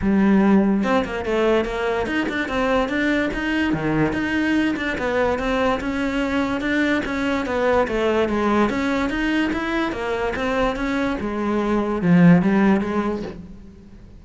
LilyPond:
\new Staff \with { instrumentName = "cello" } { \time 4/4 \tempo 4 = 145 g2 c'8 ais8 a4 | ais4 dis'8 d'8 c'4 d'4 | dis'4 dis4 dis'4. d'8 | b4 c'4 cis'2 |
d'4 cis'4 b4 a4 | gis4 cis'4 dis'4 e'4 | ais4 c'4 cis'4 gis4~ | gis4 f4 g4 gis4 | }